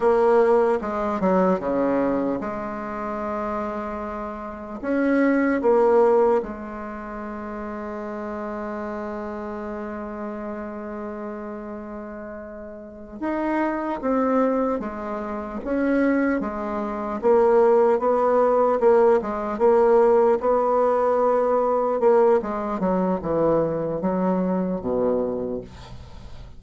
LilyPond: \new Staff \with { instrumentName = "bassoon" } { \time 4/4 \tempo 4 = 75 ais4 gis8 fis8 cis4 gis4~ | gis2 cis'4 ais4 | gis1~ | gis1~ |
gis8 dis'4 c'4 gis4 cis'8~ | cis'8 gis4 ais4 b4 ais8 | gis8 ais4 b2 ais8 | gis8 fis8 e4 fis4 b,4 | }